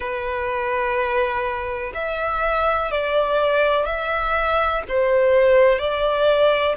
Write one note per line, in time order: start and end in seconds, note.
0.00 1.92 B4
1.94 2.91 E5
2.91 3.85 D5
3.85 4.82 E5
4.88 5.78 C5
5.78 6.75 D5